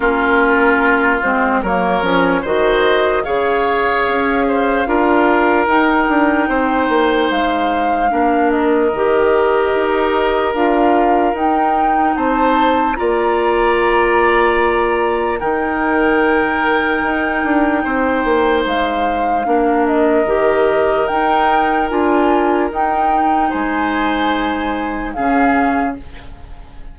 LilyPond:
<<
  \new Staff \with { instrumentName = "flute" } { \time 4/4 \tempo 4 = 74 ais'4. c''8 cis''4 dis''4 | f''2. g''4~ | g''4 f''4. dis''4.~ | dis''4 f''4 g''4 a''4 |
ais''2. g''4~ | g''2. f''4~ | f''8 dis''4. g''4 gis''4 | g''4 gis''2 f''4 | }
  \new Staff \with { instrumentName = "oboe" } { \time 4/4 f'2 ais'4 c''4 | cis''4. c''8 ais'2 | c''2 ais'2~ | ais'2. c''4 |
d''2. ais'4~ | ais'2 c''2 | ais'1~ | ais'4 c''2 gis'4 | }
  \new Staff \with { instrumentName = "clarinet" } { \time 4/4 cis'4. c'8 ais8 cis'8 fis'4 | gis'2 f'4 dis'4~ | dis'2 d'4 g'4~ | g'4 f'4 dis'2 |
f'2. dis'4~ | dis'1 | d'4 g'4 dis'4 f'4 | dis'2. cis'4 | }
  \new Staff \with { instrumentName = "bassoon" } { \time 4/4 ais4. gis8 fis8 f8 dis4 | cis4 cis'4 d'4 dis'8 d'8 | c'8 ais8 gis4 ais4 dis4 | dis'4 d'4 dis'4 c'4 |
ais2. dis4~ | dis4 dis'8 d'8 c'8 ais8 gis4 | ais4 dis4 dis'4 d'4 | dis'4 gis2 cis4 | }
>>